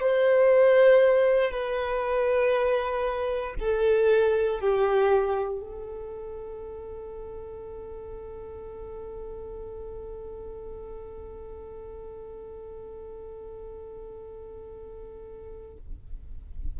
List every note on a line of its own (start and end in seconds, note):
0.00 1.51 C5
1.51 3.54 B4
3.59 4.59 A4
4.59 5.60 G4
5.60 15.77 A4